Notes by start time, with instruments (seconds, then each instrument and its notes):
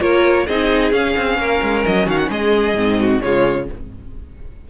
0.00 cello A#3, viola F4, violin A#4 C#5
0.47 cello C4, viola D#4, violin G#4 D#5
0.92 cello C#4, viola C#4, violin F5
1.17 cello C4
1.38 cello A#3, violin A#4
1.63 cello G#3
1.86 cello F#3, violin D#5
2.06 cello D#3, violin F#4 F5
2.19 violin F#5
2.30 cello G#3, violin G#4 D#5
2.75 cello G#2, viola C4
3.00 violin F#4
3.22 cello C#3, viola G#3, violin F4 C#5